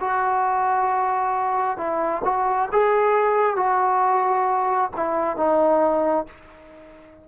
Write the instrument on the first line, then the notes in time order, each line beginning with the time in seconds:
trombone
0.00 F#4
1.77 E4
2.24 F#4
2.72 G#4
3.56 F#4
4.96 E4
5.36 D#4